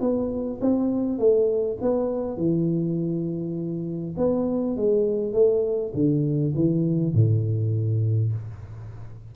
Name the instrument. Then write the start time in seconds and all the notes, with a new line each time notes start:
tuba
0.00 B3
0.61 C4
1.18 A3
1.81 B3
2.37 E3
4.17 B3
4.76 G#3
5.33 A3
5.94 D3
6.55 E3
7.14 A2